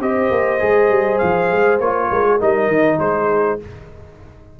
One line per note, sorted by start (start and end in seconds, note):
0.00 0.30 C4
0.00 0.59 G4
0.00 2.11 C5
0.00 1.18 D#5
0.30 0.60 A#3
0.59 0.89 G#3
0.59 1.79 G#4
0.89 1.19 G3
1.18 1.52 F3
1.18 1.78 F5
1.52 1.80 G#3
1.80 2.10 A#3
1.80 2.39 F4
1.80 2.40 C#5
2.10 2.41 G#3
2.10 2.24 A#4
2.24 2.38 G#4
2.38 2.67 G3
2.38 3.59 D#4
2.38 2.98 A#4
2.38 2.99 D#5
2.67 2.97 D#3
2.99 3.59 G#3
2.99 3.60 G#4
2.99 3.59 C5